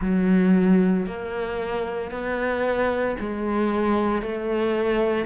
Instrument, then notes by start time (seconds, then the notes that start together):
cello
0.00 F#3
1.06 A#3
2.11 B3
3.19 G#3
4.22 A3